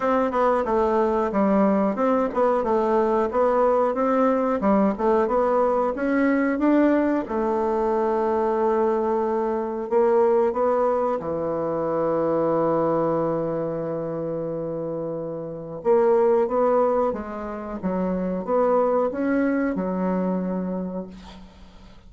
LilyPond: \new Staff \with { instrumentName = "bassoon" } { \time 4/4 \tempo 4 = 91 c'8 b8 a4 g4 c'8 b8 | a4 b4 c'4 g8 a8 | b4 cis'4 d'4 a4~ | a2. ais4 |
b4 e2.~ | e1 | ais4 b4 gis4 fis4 | b4 cis'4 fis2 | }